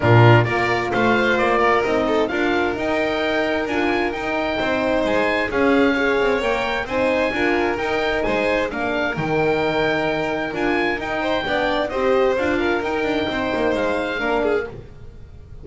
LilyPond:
<<
  \new Staff \with { instrumentName = "oboe" } { \time 4/4 \tempo 4 = 131 ais'4 d''4 f''4 d''4 | dis''4 f''4 g''2 | gis''4 g''2 gis''4 | f''2 g''4 gis''4~ |
gis''4 g''4 gis''4 f''4 | g''2. gis''4 | g''2 dis''4 f''4 | g''2 f''2 | }
  \new Staff \with { instrumentName = "violin" } { \time 4/4 f'4 ais'4 c''4. ais'8~ | ais'8 a'8 ais'2.~ | ais'2 c''2 | gis'4 cis''2 c''4 |
ais'2 c''4 ais'4~ | ais'1~ | ais'8 c''8 d''4 c''4. ais'8~ | ais'4 c''2 ais'8 gis'8 | }
  \new Staff \with { instrumentName = "horn" } { \time 4/4 d'4 f'2. | dis'4 f'4 dis'2 | f'4 dis'2. | cis'4 gis'4 ais'4 dis'4 |
f'4 dis'2 d'4 | dis'2. f'4 | dis'4 d'4 g'4 f'4 | dis'2. d'4 | }
  \new Staff \with { instrumentName = "double bass" } { \time 4/4 ais,4 ais4 a4 ais4 | c'4 d'4 dis'2 | d'4 dis'4 c'4 gis4 | cis'4. c'8 ais4 c'4 |
d'4 dis'4 gis4 ais4 | dis2. d'4 | dis'4 b4 c'4 d'4 | dis'8 d'8 c'8 ais8 gis4 ais4 | }
>>